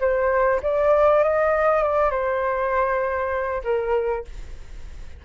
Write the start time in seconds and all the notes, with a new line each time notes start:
0.00 C5
0.63 D5
1.23 D#5
1.83 D5
2.10 C5
3.64 A#4